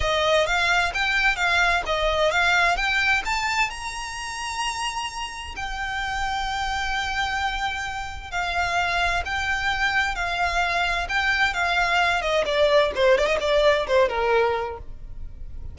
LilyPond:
\new Staff \with { instrumentName = "violin" } { \time 4/4 \tempo 4 = 130 dis''4 f''4 g''4 f''4 | dis''4 f''4 g''4 a''4 | ais''1 | g''1~ |
g''2 f''2 | g''2 f''2 | g''4 f''4. dis''8 d''4 | c''8 d''16 dis''16 d''4 c''8 ais'4. | }